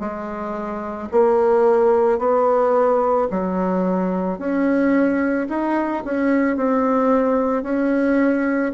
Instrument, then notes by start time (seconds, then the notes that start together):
bassoon
0.00 G#3
1.12 A#3
2.19 B3
3.31 F#3
4.39 C#4
5.49 D#4
6.05 C#4
6.57 C4
7.63 C#4